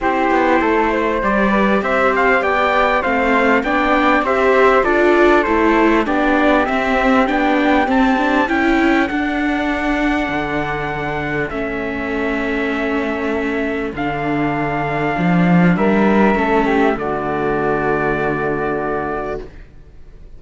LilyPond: <<
  \new Staff \with { instrumentName = "trumpet" } { \time 4/4 \tempo 4 = 99 c''2 d''4 e''8 f''8 | g''4 f''4 g''4 e''4 | d''4 c''4 d''4 e''4 | g''4 a''4 g''4 fis''4~ |
fis''2. e''4~ | e''2. f''4~ | f''2 e''2 | d''1 | }
  \new Staff \with { instrumentName = "flute" } { \time 4/4 g'4 a'8 c''4 b'8 c''4 | d''4 c''4 d''4 c''4 | a'2 g'2~ | g'2 a'2~ |
a'1~ | a'1~ | a'2 ais'4 a'8 g'8 | fis'1 | }
  \new Staff \with { instrumentName = "viola" } { \time 4/4 e'2 g'2~ | g'4 c'4 d'4 g'4 | f'4 e'4 d'4 c'4 | d'4 c'8 d'8 e'4 d'4~ |
d'2. cis'4~ | cis'2. d'4~ | d'2. cis'4 | a1 | }
  \new Staff \with { instrumentName = "cello" } { \time 4/4 c'8 b8 a4 g4 c'4 | b4 a4 b4 c'4 | d'4 a4 b4 c'4 | b4 c'4 cis'4 d'4~ |
d'4 d2 a4~ | a2. d4~ | d4 f4 g4 a4 | d1 | }
>>